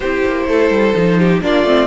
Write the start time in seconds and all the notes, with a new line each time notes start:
0.00 C4 E4 G4 C5
0.25 A#3
0.47 A3 A4
0.70 G3
0.94 F3 D#4
1.19 G4
1.41 A#3 D4 F4 D5
1.63 A3 C4